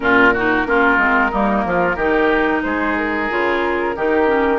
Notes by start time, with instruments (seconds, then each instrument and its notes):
0.00 bassoon A#2, clarinet C#4, oboe F4, flute A#4
0.33 clarinet D#4, oboe F#4
0.65 bassoon A#3, clarinet C#4, oboe F4
0.97 bassoon G#3, clarinet C4
1.31 bassoon G3, clarinet A#3, oboe D#4
1.65 bassoon F3, oboe F4
1.96 bassoon D#3, clarinet D#4, oboe G4
2.62 bassoon G#3, oboe G#4, flute C5
2.96 flute A#4
3.29 bassoon C#3, clarinet F4
3.95 bassoon D#3, clarinet D#4, oboe G4
4.26 clarinet C#4